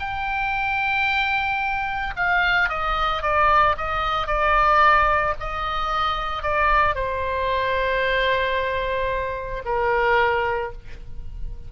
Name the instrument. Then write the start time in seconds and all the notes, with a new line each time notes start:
oboe
0.00 G5
2.17 F5
2.69 D#5
3.22 D5
3.78 D#5
4.28 D5
5.40 D#5
6.43 D5
6.95 C5
9.65 A#4